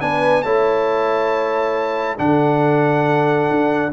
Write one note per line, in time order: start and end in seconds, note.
0.00 0.44 B3
0.00 0.43 D4
0.00 0.44 B4
0.00 0.42 G#5
0.42 2.18 A3
0.42 2.17 E4
0.42 2.17 C#5
0.42 2.16 A5
2.17 3.49 D3
2.17 3.91 D4
2.17 3.92 A4
2.17 3.92 F#5
3.50 3.92 D4